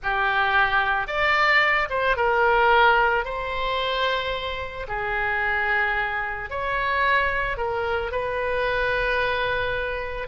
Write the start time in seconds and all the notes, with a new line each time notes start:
0.02 G4
1.07 D5
1.89 C5
2.16 A#4
3.24 C5
4.87 G#4
6.50 C#5
7.57 A#4
8.11 B4